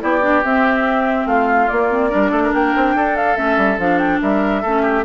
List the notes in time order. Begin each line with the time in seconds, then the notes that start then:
0.00 B3 E4 G4 D5
0.22 D4
0.44 C4 E5
1.26 A3 F4 F5
1.69 A#3 D5
1.90 C4
2.10 G3 D4 A#4
2.31 A3 A4
2.44 A#4
2.54 A#3 G5
2.76 C4
2.95 D4 A4
3.16 F5
3.35 A3 C#4 E5
3.57 G3
3.78 F3 D4 F5
3.98 G5
4.22 G3 A#4 E5
4.62 A3 C#4 A4
4.82 G4